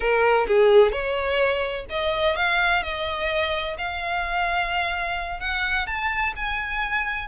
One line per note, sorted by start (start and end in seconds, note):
0.00 0.46 A#4
0.47 0.92 G#4
0.92 1.85 C#5
1.89 2.35 D#5
2.35 2.82 F5
2.83 3.76 D#5
3.78 5.39 F5
5.39 5.86 F#5
5.86 6.33 A5
6.35 7.28 G#5